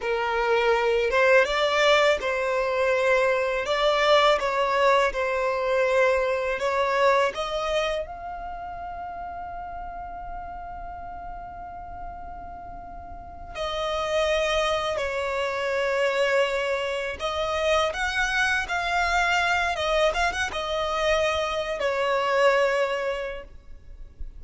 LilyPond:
\new Staff \with { instrumentName = "violin" } { \time 4/4 \tempo 4 = 82 ais'4. c''8 d''4 c''4~ | c''4 d''4 cis''4 c''4~ | c''4 cis''4 dis''4 f''4~ | f''1~ |
f''2~ f''8 dis''4.~ | dis''8 cis''2. dis''8~ | dis''8 fis''4 f''4. dis''8 f''16 fis''16 | dis''4.~ dis''16 cis''2~ cis''16 | }